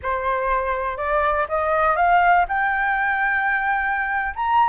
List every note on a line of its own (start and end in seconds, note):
0.02 0.97 C5
0.97 1.47 D5
1.48 1.96 D#5
1.96 2.45 F5
2.48 4.34 G5
4.35 4.69 A#5